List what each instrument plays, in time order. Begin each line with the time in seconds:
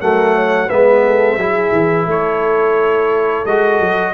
0.00 tuba F#3, trombone A3, horn A#4, trumpet F#5
0.35 horn C#5
0.67 tuba G#3, trombone B3, horn B4, trumpet E5
1.05 horn A4
1.37 tuba F#3, trombone E4, horn G#4
1.72 tuba E3
2.06 tuba A3, horn A4, trumpet C#5
3.46 tuba G#3, trombone F#4, trumpet D#5
3.80 tuba F#3